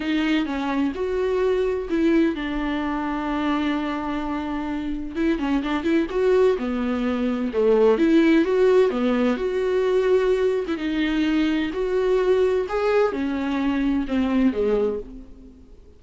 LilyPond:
\new Staff \with { instrumentName = "viola" } { \time 4/4 \tempo 4 = 128 dis'4 cis'4 fis'2 | e'4 d'2.~ | d'2. e'8 cis'8 | d'8 e'8 fis'4 b2 |
a4 e'4 fis'4 b4 | fis'2~ fis'8. e'16 dis'4~ | dis'4 fis'2 gis'4 | cis'2 c'4 gis4 | }